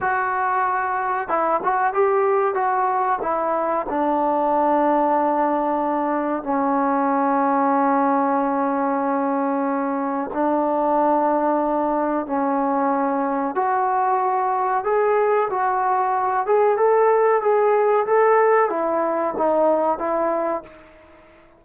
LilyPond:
\new Staff \with { instrumentName = "trombone" } { \time 4/4 \tempo 4 = 93 fis'2 e'8 fis'8 g'4 | fis'4 e'4 d'2~ | d'2 cis'2~ | cis'1 |
d'2. cis'4~ | cis'4 fis'2 gis'4 | fis'4. gis'8 a'4 gis'4 | a'4 e'4 dis'4 e'4 | }